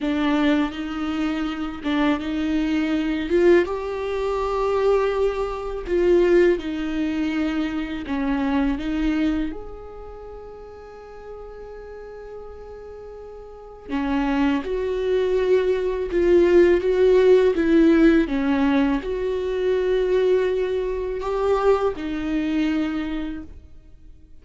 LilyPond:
\new Staff \with { instrumentName = "viola" } { \time 4/4 \tempo 4 = 82 d'4 dis'4. d'8 dis'4~ | dis'8 f'8 g'2. | f'4 dis'2 cis'4 | dis'4 gis'2.~ |
gis'2. cis'4 | fis'2 f'4 fis'4 | e'4 cis'4 fis'2~ | fis'4 g'4 dis'2 | }